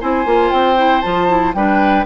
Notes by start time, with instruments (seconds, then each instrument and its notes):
0.00 bassoon C4, clarinet E4, oboe C5, flute G#5
0.25 bassoon A#3, clarinet F4
0.51 bassoon C4, flute G5
0.76 clarinet E4
1.01 bassoon F3, clarinet F4, flute A5
1.27 clarinet E4
1.54 bassoon G3, clarinet D4, oboe B4, flute G5